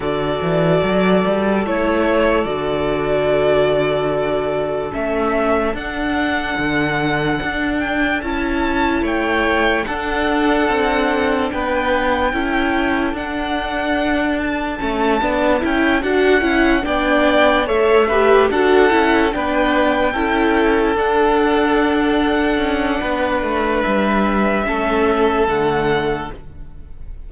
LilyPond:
<<
  \new Staff \with { instrumentName = "violin" } { \time 4/4 \tempo 4 = 73 d''2 cis''4 d''4~ | d''2 e''4 fis''4~ | fis''4. g''8 a''4 g''4 | fis''2 g''2 |
fis''4. a''4. g''8 fis''8~ | fis''8 g''4 e''4 fis''4 g''8~ | g''4. fis''2~ fis''8~ | fis''4 e''2 fis''4 | }
  \new Staff \with { instrumentName = "violin" } { \time 4/4 a'1~ | a'1~ | a'2. cis''4 | a'2 b'4 a'4~ |
a'1~ | a'8 d''4 cis''8 b'8 a'4 b'8~ | b'8 a'2.~ a'8 | b'2 a'2 | }
  \new Staff \with { instrumentName = "viola" } { \time 4/4 fis'2 e'4 fis'4~ | fis'2 cis'4 d'4~ | d'2 e'2 | d'2. e'4 |
d'2 cis'8 d'8 e'8 fis'8 | e'8 d'4 a'8 g'8 fis'8 e'8 d'8~ | d'8 e'4 d'2~ d'8~ | d'2 cis'4 a4 | }
  \new Staff \with { instrumentName = "cello" } { \time 4/4 d8 e8 fis8 g8 a4 d4~ | d2 a4 d'4 | d4 d'4 cis'4 a4 | d'4 c'4 b4 cis'4 |
d'2 a8 b8 cis'8 d'8 | cis'8 b4 a4 d'8 cis'8 b8~ | b8 cis'4 d'2 cis'8 | b8 a8 g4 a4 d4 | }
>>